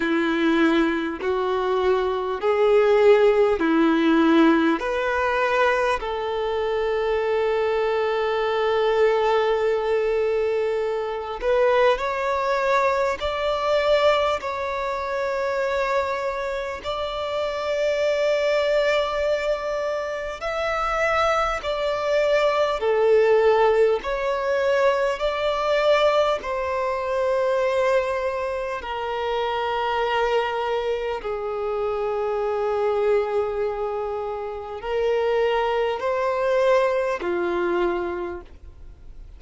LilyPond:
\new Staff \with { instrumentName = "violin" } { \time 4/4 \tempo 4 = 50 e'4 fis'4 gis'4 e'4 | b'4 a'2.~ | a'4. b'8 cis''4 d''4 | cis''2 d''2~ |
d''4 e''4 d''4 a'4 | cis''4 d''4 c''2 | ais'2 gis'2~ | gis'4 ais'4 c''4 f'4 | }